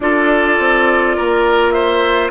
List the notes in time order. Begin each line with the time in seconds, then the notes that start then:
0.00 D4 F4 A4 D5
0.58 C4
1.16 A#3 A#4
1.70 C5 E5